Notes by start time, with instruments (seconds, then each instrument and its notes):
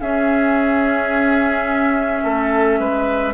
0.00 bassoon C#4, clarinet C#4, oboe G#4, flute E5
2.24 bassoon A3, oboe A4
2.79 bassoon G#3, oboe B4